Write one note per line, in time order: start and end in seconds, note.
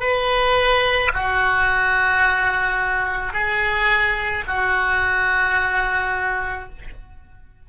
0.00 1.11 B4
1.13 3.33 F#4
3.33 4.44 G#4
4.47 6.69 F#4